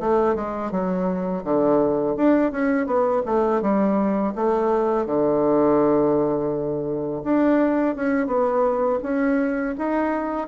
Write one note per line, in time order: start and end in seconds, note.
0.00 0.35 A3
0.35 0.71 G#3
0.71 1.44 F#3
1.44 2.16 D3
2.16 2.51 D4
2.51 2.86 C#4
2.86 3.22 B3
3.25 3.61 A3
3.61 4.34 G3
4.35 5.06 A3
5.06 7.23 D3
7.23 7.96 D4
7.96 8.27 C#4
8.27 8.99 B3
9.03 9.75 C#4
9.78 10.48 D#4